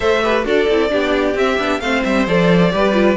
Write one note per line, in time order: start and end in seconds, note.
0.00 0.45 A3
0.00 0.21 A4
0.00 0.23 C5
0.00 0.44 E5
0.22 0.44 G4
0.22 0.45 B4
0.44 0.67 D4
0.44 0.67 F#4
0.44 0.90 A4
0.44 1.37 D5
0.69 0.92 C4
0.69 0.89 E4
0.89 1.34 B3
0.89 1.34 D4
0.89 1.81 G4
1.34 1.57 C4
1.34 1.59 C4
1.34 1.80 E5
1.58 1.80 B3
1.58 1.81 D4
1.80 2.02 A3
1.80 2.26 C4
1.80 2.72 C5
1.80 2.03 F5
2.04 2.27 G3
2.04 2.27 E5
2.26 2.72 F3
2.26 2.71 A4
2.26 3.16 D5
2.71 3.16 G3
2.71 2.93 G4
2.71 3.16 B4
2.93 3.16 F4